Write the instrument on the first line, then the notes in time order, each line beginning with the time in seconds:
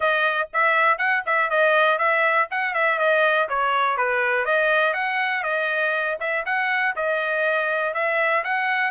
trumpet
0.00 D#5
0.53 E5
0.98 F#5
1.26 E5
1.50 D#5
1.98 E5
2.50 F#5
2.74 E5
2.98 D#5
3.48 C#5
3.97 B4
4.45 D#5
4.93 F#5
5.43 D#5
6.20 E5
6.45 F#5
6.96 D#5
7.94 E5
8.43 F#5